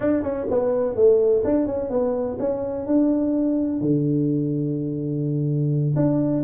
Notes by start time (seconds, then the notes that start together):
0.00 D4
0.23 C#4
0.50 B3
0.95 A3
1.44 D4
1.66 C#4
1.90 B3
2.39 C#4
2.86 D4
3.80 D3
5.96 D4